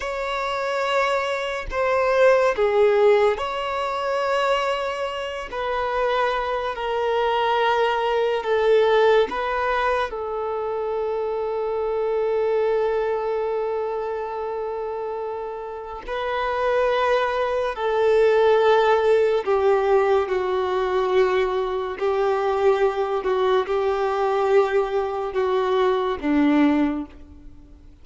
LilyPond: \new Staff \with { instrumentName = "violin" } { \time 4/4 \tempo 4 = 71 cis''2 c''4 gis'4 | cis''2~ cis''8 b'4. | ais'2 a'4 b'4 | a'1~ |
a'2. b'4~ | b'4 a'2 g'4 | fis'2 g'4. fis'8 | g'2 fis'4 d'4 | }